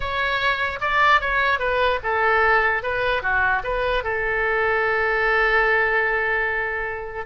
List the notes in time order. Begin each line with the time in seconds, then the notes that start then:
0.00 C#5
0.80 D5
1.20 C#5
1.59 B4
2.03 A4
2.83 B4
3.22 F#4
3.63 B4
4.03 A4